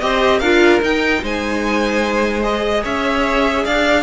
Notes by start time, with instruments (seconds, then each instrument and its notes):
0.00 cello C4, viola G4, violin C5 D#5
0.40 cello D4, viola F4, violin A#4 F5
0.81 viola D#4, cello D#4, violin G5
1.23 cello G#3, violin C5 G#5
2.44 viola G#4, violin D#5
2.83 cello C#4, violin C#5 E5
3.65 cello D4, violin D5 F5